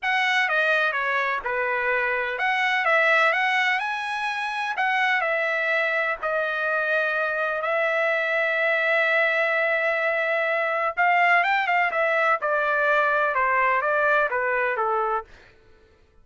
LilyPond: \new Staff \with { instrumentName = "trumpet" } { \time 4/4 \tempo 4 = 126 fis''4 dis''4 cis''4 b'4~ | b'4 fis''4 e''4 fis''4 | gis''2 fis''4 e''4~ | e''4 dis''2. |
e''1~ | e''2. f''4 | g''8 f''8 e''4 d''2 | c''4 d''4 b'4 a'4 | }